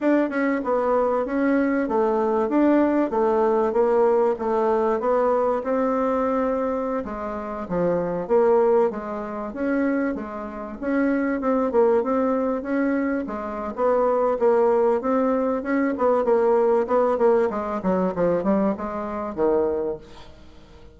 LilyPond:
\new Staff \with { instrumentName = "bassoon" } { \time 4/4 \tempo 4 = 96 d'8 cis'8 b4 cis'4 a4 | d'4 a4 ais4 a4 | b4 c'2~ c'16 gis8.~ | gis16 f4 ais4 gis4 cis'8.~ |
cis'16 gis4 cis'4 c'8 ais8 c'8.~ | c'16 cis'4 gis8. b4 ais4 | c'4 cis'8 b8 ais4 b8 ais8 | gis8 fis8 f8 g8 gis4 dis4 | }